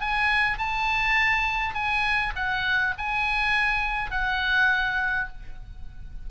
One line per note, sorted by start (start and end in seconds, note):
0.00 0.58 G#5
0.58 1.74 A5
1.74 2.33 G#5
2.35 2.94 F#5
2.97 4.10 G#5
4.10 5.28 F#5